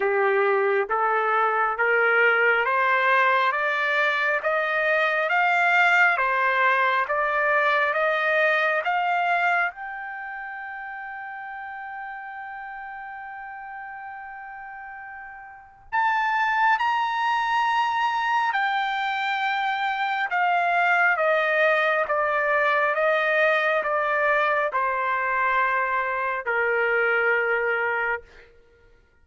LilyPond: \new Staff \with { instrumentName = "trumpet" } { \time 4/4 \tempo 4 = 68 g'4 a'4 ais'4 c''4 | d''4 dis''4 f''4 c''4 | d''4 dis''4 f''4 g''4~ | g''1~ |
g''2 a''4 ais''4~ | ais''4 g''2 f''4 | dis''4 d''4 dis''4 d''4 | c''2 ais'2 | }